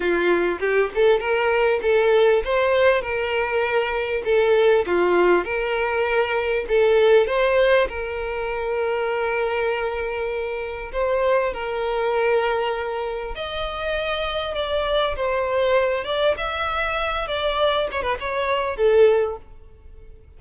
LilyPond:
\new Staff \with { instrumentName = "violin" } { \time 4/4 \tempo 4 = 99 f'4 g'8 a'8 ais'4 a'4 | c''4 ais'2 a'4 | f'4 ais'2 a'4 | c''4 ais'2.~ |
ais'2 c''4 ais'4~ | ais'2 dis''2 | d''4 c''4. d''8 e''4~ | e''8 d''4 cis''16 b'16 cis''4 a'4 | }